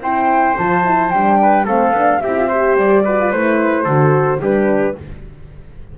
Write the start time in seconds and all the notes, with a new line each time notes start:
0.00 C4 E4 C5 G5
0.58 F3 F4 A5
0.85 E4
1.10 G3 D4 G5
1.41 B4
1.65 A3 C4 A4 F5
1.92 B3 D4
2.21 C4 E4 G4 E5
2.37 F4
2.48 G4 C5
2.76 G3 D5
3.05 F#4 B4
3.19 F4
3.32 A3 E4 C5
3.84 D3 F#4 A4
4.40 G3 D4 G4 B4